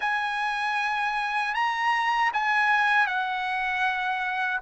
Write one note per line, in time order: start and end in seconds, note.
0.00 1.54 G#5
1.54 2.31 A#5
2.33 3.06 G#5
3.06 4.60 F#5